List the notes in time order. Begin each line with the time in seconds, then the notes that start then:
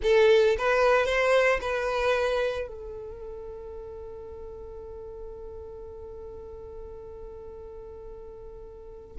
0.02 A4
0.57 B4
1.06 C5
1.61 B4
2.67 A4